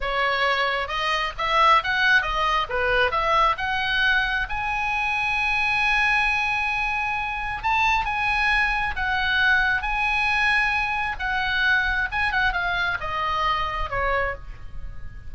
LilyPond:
\new Staff \with { instrumentName = "oboe" } { \time 4/4 \tempo 4 = 134 cis''2 dis''4 e''4 | fis''4 dis''4 b'4 e''4 | fis''2 gis''2~ | gis''1~ |
gis''4 a''4 gis''2 | fis''2 gis''2~ | gis''4 fis''2 gis''8 fis''8 | f''4 dis''2 cis''4 | }